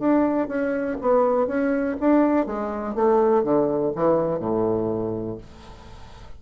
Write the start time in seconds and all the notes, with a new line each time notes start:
0.00 D4
0.49 C#4
1.01 B3
1.48 C#4
2.01 D4
2.47 G#3
2.96 A3
3.44 D3
3.96 E3
4.40 A2